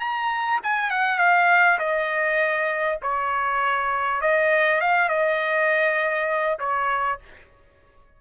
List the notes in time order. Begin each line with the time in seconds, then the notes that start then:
0.00 A#5
0.63 G#5
0.90 F#5
1.18 F5
1.79 D#5
3.02 C#5
4.21 D#5
4.81 F5
5.09 D#5
6.59 C#5